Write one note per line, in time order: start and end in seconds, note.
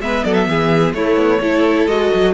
0.00 0.23 G#3
0.00 0.96 B3
0.00 0.25 B4
0.00 0.24 E5
0.24 0.47 F#3
0.24 0.49 A4
0.24 0.33 D5
0.33 0.92 E5
0.47 0.93 E3
0.47 0.96 G#4
0.93 1.16 A3
0.93 1.42 A3
0.93 1.41 E4
0.93 1.87 C#5
1.16 1.40 B3
1.40 1.87 A3
1.40 1.89 E4
1.40 2.34 A4
1.87 2.10 G#3
1.87 2.34 F#4
1.87 2.34 D#5
2.14 2.34 F#3